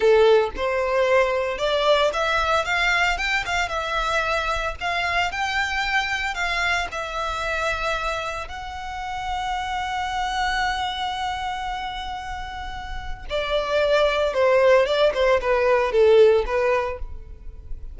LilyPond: \new Staff \with { instrumentName = "violin" } { \time 4/4 \tempo 4 = 113 a'4 c''2 d''4 | e''4 f''4 g''8 f''8 e''4~ | e''4 f''4 g''2 | f''4 e''2. |
fis''1~ | fis''1~ | fis''4 d''2 c''4 | d''8 c''8 b'4 a'4 b'4 | }